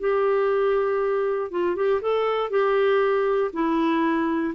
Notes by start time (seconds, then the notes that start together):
0.00 G4
1.51 F4
1.76 G4
2.01 A4
2.50 G4
3.53 E4